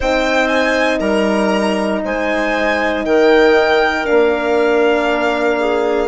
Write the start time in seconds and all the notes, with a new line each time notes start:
0.00 C4 D#4 C5 G5
0.47 G#5
0.99 G3 A#4 A#5
2.04 G#3 C5 G#5
3.05 D#3 A#4 G5
4.05 A#3 D4 F5
5.59 G#4